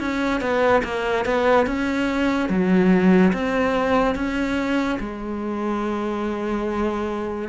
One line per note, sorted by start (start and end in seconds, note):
0.00 0.41 C#4
0.41 0.83 B3
0.84 1.25 A#3
1.25 1.67 B3
1.67 2.49 C#4
2.49 3.33 F#3
3.33 4.15 C4
4.15 4.98 C#4
5.00 7.49 G#3